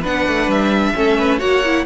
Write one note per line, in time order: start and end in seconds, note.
0.00 0.28 B3
0.00 0.96 D4
0.00 0.92 B4
0.06 0.51 F#5
0.28 0.48 A3
0.48 0.94 G3
0.48 1.40 E5
0.96 1.41 A3
0.96 1.39 C#4
0.96 1.17 A4
1.17 1.39 B4
1.39 1.86 A#3
1.39 1.62 F#4
1.39 1.85 C#5
1.39 1.85 F#5
1.65 1.86 E4